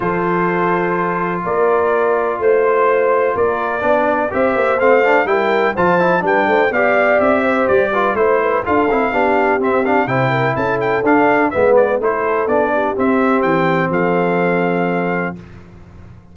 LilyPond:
<<
  \new Staff \with { instrumentName = "trumpet" } { \time 4/4 \tempo 4 = 125 c''2. d''4~ | d''4 c''2 d''4~ | d''4 e''4 f''4 g''4 | a''4 g''4 f''4 e''4 |
d''4 c''4 f''2 | e''8 f''8 g''4 a''8 g''8 f''4 | e''8 d''8 c''4 d''4 e''4 | g''4 f''2. | }
  \new Staff \with { instrumentName = "horn" } { \time 4/4 a'2. ais'4~ | ais'4 c''2 ais'4 | d''4 c''2 ais'4 | c''4 b'8 c''8 d''4. c''8~ |
c''8 b'8 c''8 b'8 a'4 g'4~ | g'4 c''8 ais'8 a'2 | b'4 a'4. g'4.~ | g'4 a'2. | }
  \new Staff \with { instrumentName = "trombone" } { \time 4/4 f'1~ | f'1 | d'4 g'4 c'8 d'8 e'4 | f'8 e'8 d'4 g'2~ |
g'8 f'8 e'4 f'8 e'8 d'4 | c'8 d'8 e'2 d'4 | b4 e'4 d'4 c'4~ | c'1 | }
  \new Staff \with { instrumentName = "tuba" } { \time 4/4 f2. ais4~ | ais4 a2 ais4 | b4 c'8 ais8 a4 g4 | f4 g8 a8 b4 c'4 |
g4 a4 d'8 c'8 b4 | c'4 c4 cis'4 d'4 | gis4 a4 b4 c'4 | e4 f2. | }
>>